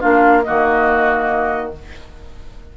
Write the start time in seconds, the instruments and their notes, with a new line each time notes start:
0.00 bassoon A#3, clarinet D4, oboe F4, flute F5
0.44 bassoon D#3, clarinet A#3, oboe F#4, flute D#5